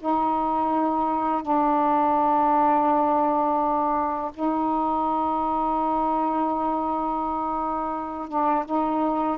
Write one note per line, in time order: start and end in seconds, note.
0.00 1.43 D#4
1.43 4.32 D4
4.34 8.29 D#4
8.29 8.65 D4
8.65 9.38 D#4